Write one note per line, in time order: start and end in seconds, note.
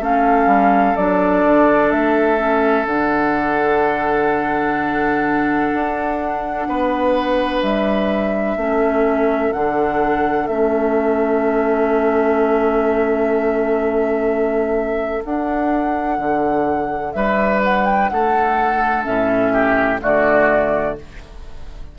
0.00 0.46 A3
0.00 0.96 C#4
0.00 6.67 A4
0.00 0.96 F5
0.46 0.93 G3
0.96 1.44 F#3
0.96 2.38 D4
0.96 1.91 D5
1.44 1.92 D3
1.91 2.86 A3
1.91 2.86 E5
2.38 2.85 C#4
2.86 5.71 D3
2.86 8.59 D4
2.86 7.62 F#5
5.74 6.67 D4
6.67 7.62 B3
6.67 8.57 B4
7.62 8.56 G3
7.62 9.52 E5
8.56 9.52 A3
8.56 9.54 C#4
8.56 17.14 A4
9.52 10.47 D3
9.52 10.49 D4
9.52 10.47 F#5
10.47 15.23 A3
10.47 15.23 C#4
10.47 15.23 E5
15.23 19.04 D4
15.23 16.18 D4
15.23 17.13 F#5
16.18 17.13 D3
17.13 18.10 G3
17.13 18.11 B4
17.13 17.60 E5
17.63 17.85 F#5
17.85 18.09 G5
18.09 19.06 A3
18.09 19.53 A4
18.09 19.04 F#5
19.04 20.02 A2
19.04 19.99 C#4
19.04 20.00 E5
19.53 20.01 G4
20.01 20.99 D3
20.01 20.96 A3
20.01 20.97 F#4
20.01 20.98 D5